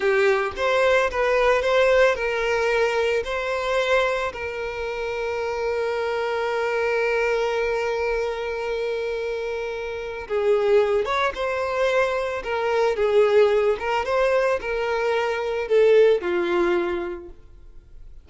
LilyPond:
\new Staff \with { instrumentName = "violin" } { \time 4/4 \tempo 4 = 111 g'4 c''4 b'4 c''4 | ais'2 c''2 | ais'1~ | ais'1~ |
ais'2. gis'4~ | gis'8 cis''8 c''2 ais'4 | gis'4. ais'8 c''4 ais'4~ | ais'4 a'4 f'2 | }